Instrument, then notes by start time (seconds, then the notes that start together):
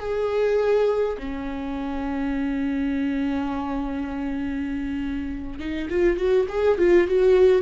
viola
0.00 G#4
1.18 C#4
5.60 D#4
5.90 F4
6.17 F#4
6.49 G#4
6.78 F4
7.08 F#4